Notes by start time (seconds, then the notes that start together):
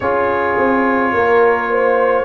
0.00 C#4 F4 G#4 C#5
0.57 C4
1.13 A#3 A#4
1.70 C5